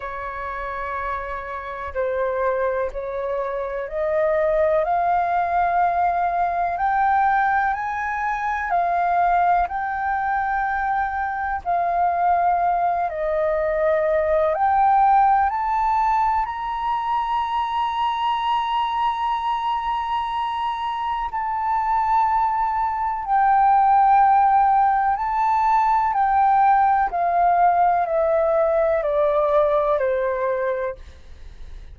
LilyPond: \new Staff \with { instrumentName = "flute" } { \time 4/4 \tempo 4 = 62 cis''2 c''4 cis''4 | dis''4 f''2 g''4 | gis''4 f''4 g''2 | f''4. dis''4. g''4 |
a''4 ais''2.~ | ais''2 a''2 | g''2 a''4 g''4 | f''4 e''4 d''4 c''4 | }